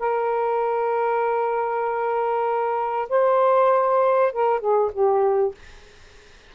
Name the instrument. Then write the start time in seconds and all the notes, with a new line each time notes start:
saxophone
0.00 A#4
3.10 C5
4.33 A#4
4.61 G#4
4.93 G4